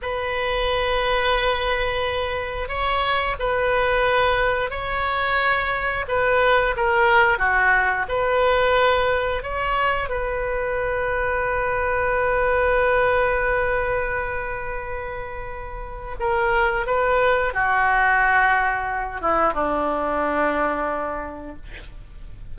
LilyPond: \new Staff \with { instrumentName = "oboe" } { \time 4/4 \tempo 4 = 89 b'1 | cis''4 b'2 cis''4~ | cis''4 b'4 ais'4 fis'4 | b'2 cis''4 b'4~ |
b'1~ | b'1 | ais'4 b'4 fis'2~ | fis'8 e'8 d'2. | }